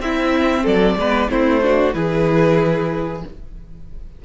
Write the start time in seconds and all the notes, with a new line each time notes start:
0.00 C4 E4 E5
0.63 F#3 A4 D5
0.96 G#3 B3 B4
1.30 A3 C4 E4 C5
1.62 D4 F#4
1.93 E3 E4 G#4 B4